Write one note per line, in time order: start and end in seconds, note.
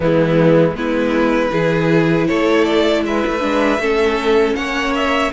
0.00 0.75 E3
0.00 0.75 G#3
0.00 0.76 B3
0.00 0.77 E4
0.75 1.51 G#3
0.75 1.50 B3
0.75 1.51 E4
0.75 2.27 B4
1.50 2.27 E3
1.50 3.40 E4
1.50 2.27 G#4
2.27 3.05 A3
2.27 3.03 A4
2.27 2.64 C#5
2.64 3.02 D5
3.05 3.24 G#3
3.05 3.81 B4
3.05 4.55 E5
3.26 3.43 A3
3.40 3.78 G#3
3.40 3.78 D4
3.78 4.54 A3
3.78 5.32 C#4
3.78 4.56 A4
4.55 5.31 A#3
4.55 5.31 C#5
4.55 4.93 F#5
4.94 5.32 E5